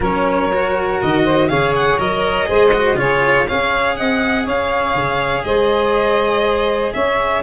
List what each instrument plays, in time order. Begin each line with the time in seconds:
0.00 tuba F#3, cello C#4, saxophone A#4, violin C#5
0.52 cello F#4
1.02 tuba D#3, violin D#5
1.23 saxophone C5
1.48 tuba C#3, cello G#4, saxophone C#5, violin F5
1.75 violin F#5
1.98 tuba F#3, cello A#4, violin D#5
2.46 tuba G#3, cello G#4, saxophone C5
2.73 cello F#4
2.94 tuba C#3, cello F4, saxophone G#4, violin C#5
3.46 tuba C#4, cello G#4, saxophone C#5, violin F5
3.96 tuba C4, saxophone D#5, violin F#5
4.44 tuba C#4, saxophone C#5, violin F5
4.94 tuba C#3
5.44 tuba G#3, saxophone C5, violin D#5
6.93 tuba C#4, saxophone C#5, violin E5